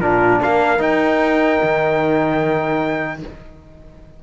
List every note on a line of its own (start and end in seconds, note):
0.00 0.40 A#2
0.00 0.79 D4
0.00 0.43 F4
0.00 0.41 A#4
0.43 0.79 A#3
0.43 3.23 A#4
0.43 0.82 F5
0.79 3.19 D#4
0.79 1.59 D#4
0.79 3.22 G5
1.63 3.23 D#3